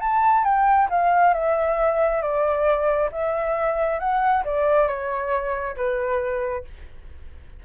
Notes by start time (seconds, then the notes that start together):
0.00 A5
0.44 G5
0.89 F5
1.33 E5
2.21 D5
3.11 E5
3.99 F#5
4.44 D5
4.87 C#5
5.76 B4